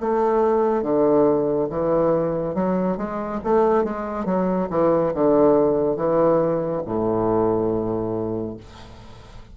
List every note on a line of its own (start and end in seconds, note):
0.00 0.82 A3
0.82 1.68 D3
1.69 2.54 E3
2.54 2.97 F#3
2.97 3.40 G#3
3.44 3.84 A3
3.84 4.25 G#3
4.25 4.68 F#3
4.70 5.13 E3
5.14 5.96 D3
5.96 6.82 E3
6.85 8.57 A2